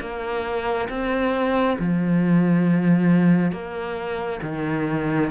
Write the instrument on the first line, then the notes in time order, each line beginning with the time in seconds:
cello
0.00 A#3
0.89 C4
1.78 F3
3.52 A#3
4.42 D#3